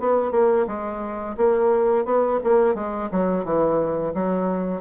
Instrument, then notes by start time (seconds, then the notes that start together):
bassoon
0.00 B3
0.31 A#3
0.67 G#3
1.37 A#3
2.05 B3
2.44 A#3
2.75 G#3
3.11 F#3
3.45 E3
4.14 F#3